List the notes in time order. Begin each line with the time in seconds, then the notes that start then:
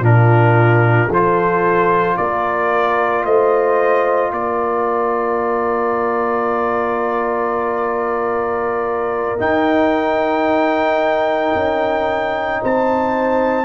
0.00 A#2 D4 F4 A#4
1.10 F3 F4 A4 C5
2.17 A#3 A#4 D5
3.25 A3 C5 D#5
4.32 A#3 A#4 D5
9.39 D#4 G5
11.55 C#4
12.62 C4 C5 A5